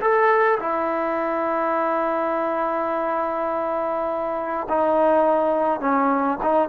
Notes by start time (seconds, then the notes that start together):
0.00 A4
0.59 E4
4.69 D#4
5.80 C#4
6.42 D#4